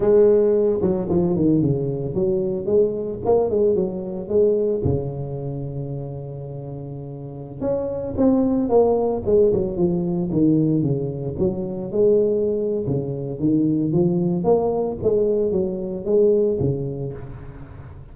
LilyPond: \new Staff \with { instrumentName = "tuba" } { \time 4/4 \tempo 4 = 112 gis4. fis8 f8 dis8 cis4 | fis4 gis4 ais8 gis8 fis4 | gis4 cis2.~ | cis2~ cis16 cis'4 c'8.~ |
c'16 ais4 gis8 fis8 f4 dis8.~ | dis16 cis4 fis4 gis4.~ gis16 | cis4 dis4 f4 ais4 | gis4 fis4 gis4 cis4 | }